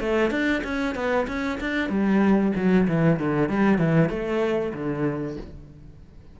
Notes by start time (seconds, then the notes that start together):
0.00 A3
0.31 D4
0.64 C#4
0.95 B3
1.28 C#4
1.60 D4
1.89 G3
2.56 F#3
2.88 E3
3.20 D3
3.49 G3
3.78 E3
4.10 A3
4.74 D3